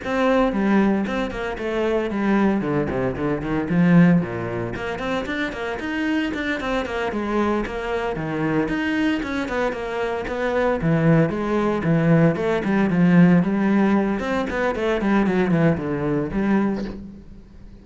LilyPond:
\new Staff \with { instrumentName = "cello" } { \time 4/4 \tempo 4 = 114 c'4 g4 c'8 ais8 a4 | g4 d8 c8 d8 dis8 f4 | ais,4 ais8 c'8 d'8 ais8 dis'4 | d'8 c'8 ais8 gis4 ais4 dis8~ |
dis8 dis'4 cis'8 b8 ais4 b8~ | b8 e4 gis4 e4 a8 | g8 f4 g4. c'8 b8 | a8 g8 fis8 e8 d4 g4 | }